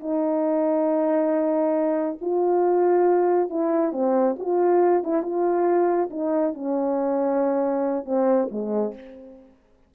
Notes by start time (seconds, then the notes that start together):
0.00 D#4
2.21 F4
3.49 E4
3.92 C4
4.38 F4
5.04 E4
5.22 F4
6.10 D#4
6.54 C#4
8.05 C4
8.51 G#3